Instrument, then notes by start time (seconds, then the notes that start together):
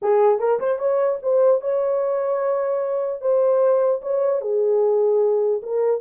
horn
0.02 G#4
0.39 A#4
0.59 C5
0.78 C#5
1.22 C5
1.61 C#5
3.21 C5
4.01 C#5
4.41 G#4
5.62 A#4